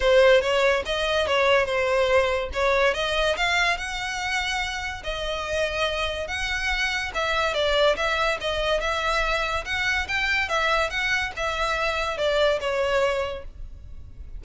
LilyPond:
\new Staff \with { instrumentName = "violin" } { \time 4/4 \tempo 4 = 143 c''4 cis''4 dis''4 cis''4 | c''2 cis''4 dis''4 | f''4 fis''2. | dis''2. fis''4~ |
fis''4 e''4 d''4 e''4 | dis''4 e''2 fis''4 | g''4 e''4 fis''4 e''4~ | e''4 d''4 cis''2 | }